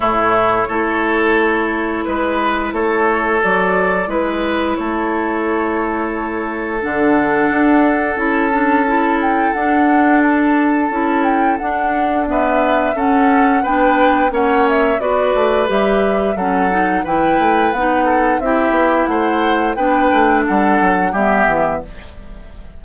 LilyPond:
<<
  \new Staff \with { instrumentName = "flute" } { \time 4/4 \tempo 4 = 88 cis''2. b'4 | cis''4 d''4 b'4 cis''4~ | cis''2 fis''2 | a''4. g''8 fis''4 a''4~ |
a''8 g''8 fis''4 e''4 fis''4 | g''4 fis''8 e''8 d''4 e''4 | fis''4 g''4 fis''4 e''4 | fis''4 g''4 fis''4 e''4 | }
  \new Staff \with { instrumentName = "oboe" } { \time 4/4 e'4 a'2 b'4 | a'2 b'4 a'4~ | a'1~ | a'1~ |
a'2 b'4 a'4 | b'4 cis''4 b'2 | a'4 b'4. a'8 g'4 | c''4 b'4 a'4 g'4 | }
  \new Staff \with { instrumentName = "clarinet" } { \time 4/4 a4 e'2.~ | e'4 fis'4 e'2~ | e'2 d'2 | e'8 d'8 e'4 d'2 |
e'4 d'4 b4 cis'4 | d'4 cis'4 fis'4 g'4 | cis'8 dis'8 e'4 dis'4 e'4~ | e'4 d'2 b4 | }
  \new Staff \with { instrumentName = "bassoon" } { \time 4/4 a,4 a2 gis4 | a4 fis4 gis4 a4~ | a2 d4 d'4 | cis'2 d'2 |
cis'4 d'2 cis'4 | b4 ais4 b8 a8 g4 | fis4 e8 a8 b4 c'8 b8 | a4 b8 a8 g8 fis8 g8 e8 | }
>>